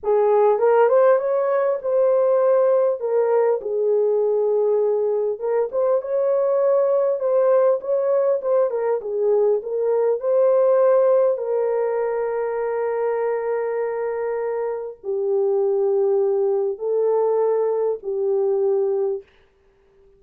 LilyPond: \new Staff \with { instrumentName = "horn" } { \time 4/4 \tempo 4 = 100 gis'4 ais'8 c''8 cis''4 c''4~ | c''4 ais'4 gis'2~ | gis'4 ais'8 c''8 cis''2 | c''4 cis''4 c''8 ais'8 gis'4 |
ais'4 c''2 ais'4~ | ais'1~ | ais'4 g'2. | a'2 g'2 | }